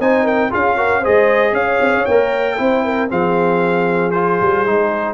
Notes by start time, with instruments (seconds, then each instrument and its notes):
0.00 tuba C4, trombone D#4, horn C5, trumpet G#5
0.24 horn A#4, trumpet G5
0.50 tuba C#4, trombone F4, horn G#4, trumpet F5
0.77 trombone F#4, horn A#4
1.01 trombone G#4, horn C5, trumpet D#5
1.07 tuba G#3
1.52 tuba C#4, horn C#5, trumpet F5
1.81 tuba C4
1.94 tuba C#4
2.06 tuba A#3, trombone A#4, trumpet G5
2.58 tuba C4, trombone E4, horn C5
2.85 horn A#4
3.09 tuba F3, trombone C4, horn G#4, trumpet F5
4.11 trombone F4, trumpet C5
4.42 tuba G3
4.66 tuba G#3, trombone D#4